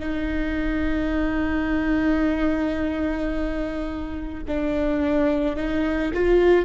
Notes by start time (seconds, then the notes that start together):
0.00 D#4
4.48 D4
5.57 D#4
6.14 F4